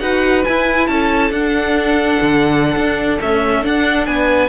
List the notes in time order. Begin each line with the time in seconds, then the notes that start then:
0.00 D#4 F#4 B4 F#5
0.44 E4 G#5
0.87 C#4 A4 A5
1.31 D4 F#5
2.22 D3
2.76 D4
3.18 A3 C#4 E5
3.62 D4 F#5
4.06 B3 B4 G#5